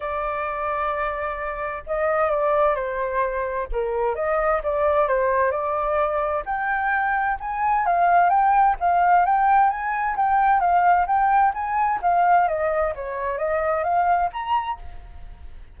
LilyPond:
\new Staff \with { instrumentName = "flute" } { \time 4/4 \tempo 4 = 130 d''1 | dis''4 d''4 c''2 | ais'4 dis''4 d''4 c''4 | d''2 g''2 |
gis''4 f''4 g''4 f''4 | g''4 gis''4 g''4 f''4 | g''4 gis''4 f''4 dis''4 | cis''4 dis''4 f''4 ais''4 | }